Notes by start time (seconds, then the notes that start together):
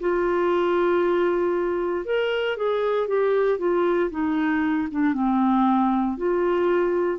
0.00 F4
2.05 A#4
2.56 G#4
3.08 G4
3.58 F4
4.10 D#4
4.91 D4
5.13 C4
6.17 F4